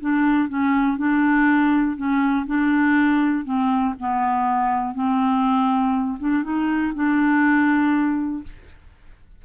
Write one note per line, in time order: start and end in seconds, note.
0.00 0.48 D4
0.48 0.97 C#4
0.97 1.96 D4
1.96 2.46 C#4
2.46 3.44 D4
3.44 3.94 C4
3.99 4.94 B3
4.94 6.18 C4
6.19 6.43 D4
6.43 6.93 D#4
6.95 8.43 D4